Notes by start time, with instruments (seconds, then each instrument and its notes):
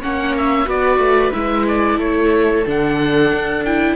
0.00 cello A#3, viola C#4 C#5, oboe F#5
0.37 oboe E5
0.65 cello B3, viola F#4 B4, oboe D5
0.98 cello A3
1.33 cello G#3, viola E4, oboe E5
1.67 oboe D5
1.97 cello A3, viola A4, oboe C#5
2.65 cello D3, viola D4, oboe F#5
3.32 cello D4
3.64 viola E4, oboe G5